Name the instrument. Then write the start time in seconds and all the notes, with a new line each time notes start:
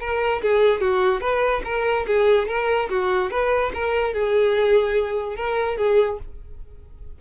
violin
0.00 A#4
0.42 G#4
0.81 F#4
1.21 B4
1.64 A#4
2.07 G#4
2.48 A#4
2.89 F#4
3.31 B4
3.74 A#4
4.13 G#4
5.36 A#4
5.77 G#4